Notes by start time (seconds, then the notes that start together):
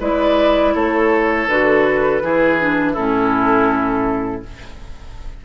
0.00 G#3 E4 B4 D5
0.75 A3 A4 C#5
1.48 D3 F#4 B4
2.22 E3 E4 G#4
2.60 D4
2.93 A2 C#4 E4 A4